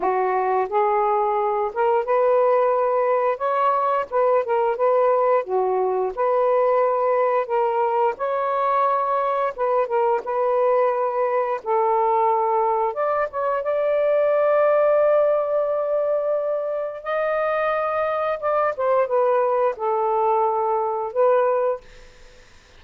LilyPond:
\new Staff \with { instrumentName = "saxophone" } { \time 4/4 \tempo 4 = 88 fis'4 gis'4. ais'8 b'4~ | b'4 cis''4 b'8 ais'8 b'4 | fis'4 b'2 ais'4 | cis''2 b'8 ais'8 b'4~ |
b'4 a'2 d''8 cis''8 | d''1~ | d''4 dis''2 d''8 c''8 | b'4 a'2 b'4 | }